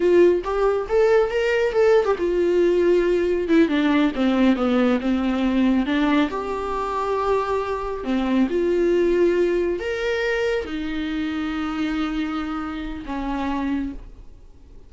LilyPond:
\new Staff \with { instrumentName = "viola" } { \time 4/4 \tempo 4 = 138 f'4 g'4 a'4 ais'4 | a'8. g'16 f'2. | e'8 d'4 c'4 b4 c'8~ | c'4. d'4 g'4.~ |
g'2~ g'8 c'4 f'8~ | f'2~ f'8 ais'4.~ | ais'8 dis'2.~ dis'8~ | dis'2 cis'2 | }